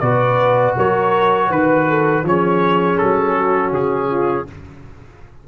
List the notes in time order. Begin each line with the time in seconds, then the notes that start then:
0.00 B2 F#4 B4 D5
0.77 F#3 A#4 C#5
1.48 D#3 B4
1.89 A4
2.23 F3 C#4 G#4 C#5
2.98 F#3 A4
3.37 F#4
3.72 C#3 G#4
4.11 F4